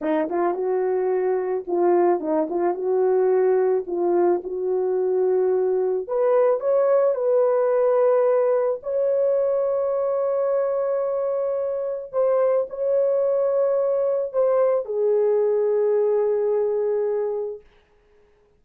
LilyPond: \new Staff \with { instrumentName = "horn" } { \time 4/4 \tempo 4 = 109 dis'8 f'8 fis'2 f'4 | dis'8 f'8 fis'2 f'4 | fis'2. b'4 | cis''4 b'2. |
cis''1~ | cis''2 c''4 cis''4~ | cis''2 c''4 gis'4~ | gis'1 | }